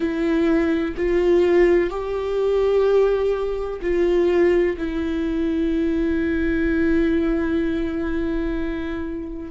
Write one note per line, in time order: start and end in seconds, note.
0.00 0.94 E4
0.96 1.90 F4
1.90 3.80 G4
3.81 4.76 F4
4.77 9.51 E4